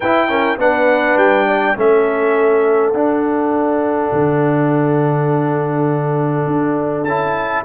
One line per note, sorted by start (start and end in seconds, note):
0.00 0.57 E4
0.00 0.28 E4
0.00 0.28 B4
0.00 0.59 G5
0.28 0.57 C#4
0.28 0.59 A#4
0.57 1.16 B3
0.57 1.76 D4
0.57 1.47 B4
0.57 1.18 F#5
1.16 1.75 G3
1.16 1.77 G5
1.47 1.76 D5
1.76 2.93 A3
1.76 2.94 C#4
1.76 7.64 A4
1.76 2.93 E5
2.93 4.11 D4
2.93 7.06 D4
2.93 7.03 F#5
4.12 6.46 D3
6.46 7.03 D4
7.03 7.62 C#4
7.03 7.64 E4
7.03 7.62 A5